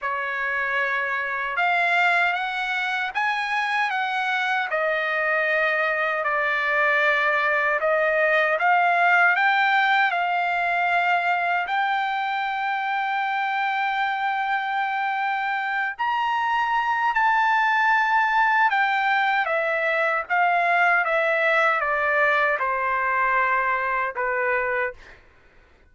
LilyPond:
\new Staff \with { instrumentName = "trumpet" } { \time 4/4 \tempo 4 = 77 cis''2 f''4 fis''4 | gis''4 fis''4 dis''2 | d''2 dis''4 f''4 | g''4 f''2 g''4~ |
g''1~ | g''8 ais''4. a''2 | g''4 e''4 f''4 e''4 | d''4 c''2 b'4 | }